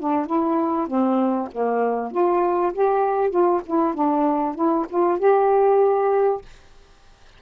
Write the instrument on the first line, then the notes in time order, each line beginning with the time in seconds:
saxophone
0.00 D4
0.26 E4
0.88 C4
1.52 A#3
2.12 F4
2.74 G4
3.31 F4
3.67 E4
3.95 D4
4.56 E4
4.90 F4
5.19 G4